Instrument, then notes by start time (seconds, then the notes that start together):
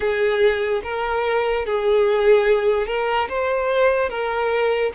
violin
0.00 G#4
0.83 A#4
1.65 G#4
2.87 A#4
3.28 C5
4.09 A#4